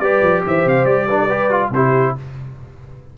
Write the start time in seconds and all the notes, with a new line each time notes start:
0.00 G3 G4 B4 D5
0.23 F3
0.47 E3 C5 E5
0.66 C3 F5
0.86 G3 D5
1.08 D4 B4
1.20 A4
1.27 G4 B4
1.51 F4
1.71 C3 E4 G4 C5